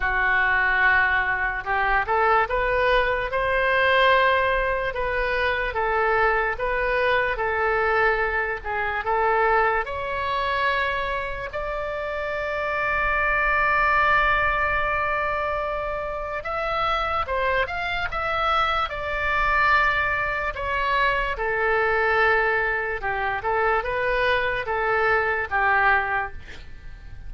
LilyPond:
\new Staff \with { instrumentName = "oboe" } { \time 4/4 \tempo 4 = 73 fis'2 g'8 a'8 b'4 | c''2 b'4 a'4 | b'4 a'4. gis'8 a'4 | cis''2 d''2~ |
d''1 | e''4 c''8 f''8 e''4 d''4~ | d''4 cis''4 a'2 | g'8 a'8 b'4 a'4 g'4 | }